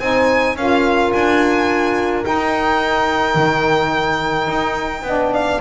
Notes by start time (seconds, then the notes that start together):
0.00 C4 D#4 C5 G#5
0.56 C#4 F4 A#4 F5
1.13 D4 G#5
2.23 D#4 G5
3.36 D#3
4.48 D#4
5.02 B3 D4 D#5
5.33 D5 F5